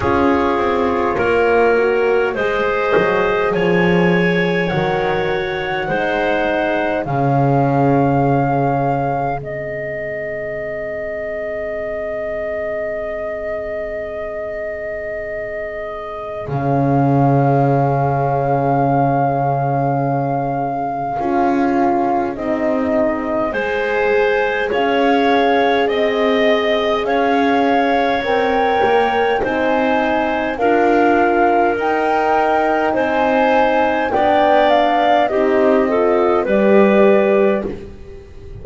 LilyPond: <<
  \new Staff \with { instrumentName = "flute" } { \time 4/4 \tempo 4 = 51 cis''2 dis''4 gis''4 | fis''2 f''2 | dis''1~ | dis''2 f''2~ |
f''2. dis''4 | gis''4 f''4 dis''4 f''4 | g''4 gis''4 f''4 g''4 | gis''4 g''8 f''8 dis''4 d''4 | }
  \new Staff \with { instrumentName = "clarinet" } { \time 4/4 gis'4 ais'4 c''4 cis''4~ | cis''4 c''4 gis'2~ | gis'1~ | gis'1~ |
gis'1 | c''4 cis''4 dis''4 cis''4~ | cis''4 c''4 ais'2 | c''4 d''4 g'8 a'8 b'4 | }
  \new Staff \with { instrumentName = "horn" } { \time 4/4 f'4. fis'8 gis'2 | fis'4 dis'4 cis'2 | c'1~ | c'2 cis'2~ |
cis'2 f'4 dis'4 | gis'1 | ais'4 dis'4 f'4 dis'4~ | dis'4 d'4 dis'8 f'8 g'4 | }
  \new Staff \with { instrumentName = "double bass" } { \time 4/4 cis'8 c'8 ais4 gis8 fis8 f4 | dis4 gis4 cis2 | gis1~ | gis2 cis2~ |
cis2 cis'4 c'4 | gis4 cis'4 c'4 cis'4 | c'8 ais8 c'4 d'4 dis'4 | c'4 b4 c'4 g4 | }
>>